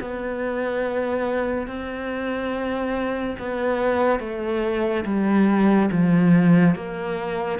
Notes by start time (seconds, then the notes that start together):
0.00 B3
1.67 C4
3.38 B3
4.19 A3
5.05 G3
5.91 F3
6.75 A#3